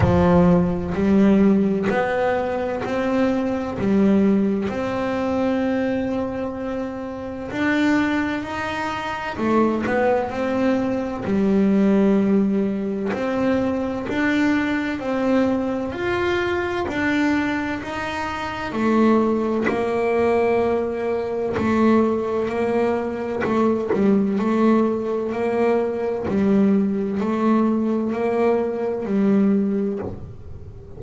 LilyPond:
\new Staff \with { instrumentName = "double bass" } { \time 4/4 \tempo 4 = 64 f4 g4 b4 c'4 | g4 c'2. | d'4 dis'4 a8 b8 c'4 | g2 c'4 d'4 |
c'4 f'4 d'4 dis'4 | a4 ais2 a4 | ais4 a8 g8 a4 ais4 | g4 a4 ais4 g4 | }